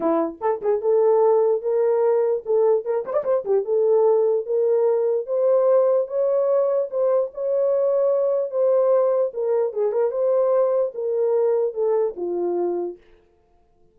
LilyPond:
\new Staff \with { instrumentName = "horn" } { \time 4/4 \tempo 4 = 148 e'4 a'8 gis'8 a'2 | ais'2 a'4 ais'8 c''16 d''16 | c''8 g'8 a'2 ais'4~ | ais'4 c''2 cis''4~ |
cis''4 c''4 cis''2~ | cis''4 c''2 ais'4 | gis'8 ais'8 c''2 ais'4~ | ais'4 a'4 f'2 | }